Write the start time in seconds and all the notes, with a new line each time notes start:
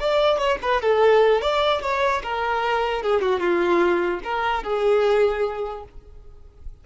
0.00 D5
0.38 C#5
0.62 B4
0.82 A4
1.42 D5
1.82 C#5
2.23 A#4
3.03 G#4
3.22 F#4
3.40 F4
4.24 A#4
4.64 G#4